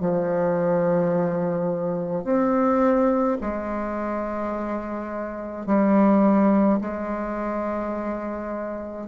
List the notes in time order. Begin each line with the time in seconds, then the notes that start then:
0.00 F3
2.24 C4
3.41 G#3
5.67 G3
6.81 G#3